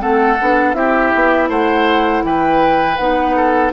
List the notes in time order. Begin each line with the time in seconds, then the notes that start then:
0.00 A3 C4 A4 F#5
0.41 B3 D4
0.74 C4 E4 G4 E5
1.15 B3
1.49 A3 C5 F#5
2.24 E3 B4 G5
2.97 B3 D#4 F#5
3.36 A4